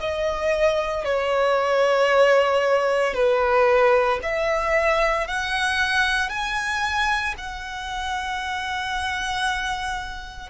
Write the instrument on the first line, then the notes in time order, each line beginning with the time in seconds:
violin
0.00 D#5
1.05 C#5
3.14 B4
4.22 E5
5.27 F#5
6.29 G#5
7.38 F#5